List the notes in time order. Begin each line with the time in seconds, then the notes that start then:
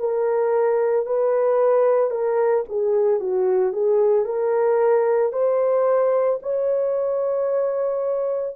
0.00 A#4
1.07 B4
2.11 A#4
2.69 G#4
3.20 F#4
3.74 G#4
4.26 A#4
5.33 C5
6.43 C#5